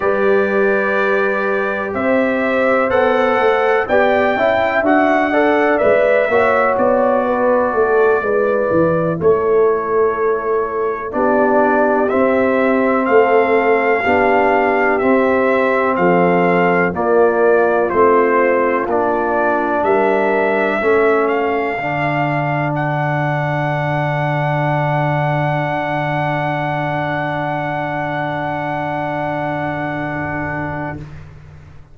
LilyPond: <<
  \new Staff \with { instrumentName = "trumpet" } { \time 4/4 \tempo 4 = 62 d''2 e''4 fis''4 | g''4 fis''4 e''4 d''4~ | d''4. cis''2 d''8~ | d''8 e''4 f''2 e''8~ |
e''8 f''4 d''4 c''4 d''8~ | d''8 e''4. f''4. fis''8~ | fis''1~ | fis''1 | }
  \new Staff \with { instrumentName = "horn" } { \time 4/4 b'2 c''2 | d''8 e''4 d''4 cis''4 b'8 | a'8 b'4 a'2 g'8~ | g'4. a'4 g'4.~ |
g'8 a'4 f'2~ f'8~ | f'8 ais'4 a'2~ a'8~ | a'1~ | a'1 | }
  \new Staff \with { instrumentName = "trombone" } { \time 4/4 g'2. a'4 | g'8 e'8 fis'8 a'8 b'8 fis'4.~ | fis'8 e'2. d'8~ | d'8 c'2 d'4 c'8~ |
c'4. ais4 c'4 d'8~ | d'4. cis'4 d'4.~ | d'1~ | d'1 | }
  \new Staff \with { instrumentName = "tuba" } { \time 4/4 g2 c'4 b8 a8 | b8 cis'8 d'4 gis8 ais8 b4 | a8 gis8 e8 a2 b8~ | b8 c'4 a4 b4 c'8~ |
c'8 f4 ais4 a4 ais8~ | ais8 g4 a4 d4.~ | d1~ | d1 | }
>>